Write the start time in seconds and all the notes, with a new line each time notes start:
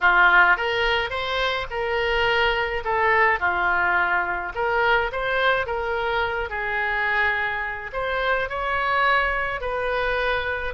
0.01 F4
0.56 A#4
1.09 C5
1.70 A#4
2.84 A4
3.39 F4
4.54 A#4
5.11 C5
5.66 A#4
6.49 G#4
7.92 C5
8.49 C#5
9.60 B4